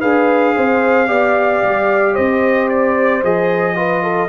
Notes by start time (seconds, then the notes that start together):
0.00 D4 G#4 B4 F5
0.55 C4 C5
1.06 B3 G4 D5
1.63 G3
2.14 C4 C5 D#5
2.69 D5
3.23 F3 G#4 D#5
3.75 F4 B4
4.03 A4